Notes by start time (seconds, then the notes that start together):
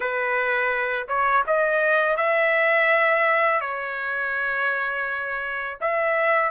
0.00 B4
1.07 C#5
1.46 D#5
2.17 E5
3.60 C#5
5.80 E5